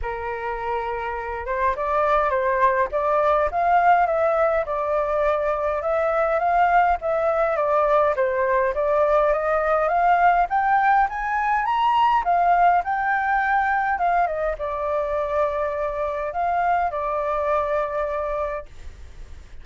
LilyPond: \new Staff \with { instrumentName = "flute" } { \time 4/4 \tempo 4 = 103 ais'2~ ais'8 c''8 d''4 | c''4 d''4 f''4 e''4 | d''2 e''4 f''4 | e''4 d''4 c''4 d''4 |
dis''4 f''4 g''4 gis''4 | ais''4 f''4 g''2 | f''8 dis''8 d''2. | f''4 d''2. | }